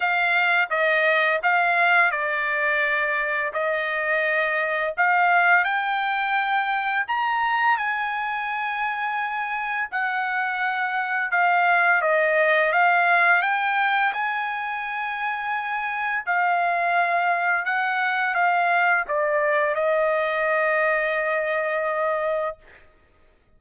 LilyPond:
\new Staff \with { instrumentName = "trumpet" } { \time 4/4 \tempo 4 = 85 f''4 dis''4 f''4 d''4~ | d''4 dis''2 f''4 | g''2 ais''4 gis''4~ | gis''2 fis''2 |
f''4 dis''4 f''4 g''4 | gis''2. f''4~ | f''4 fis''4 f''4 d''4 | dis''1 | }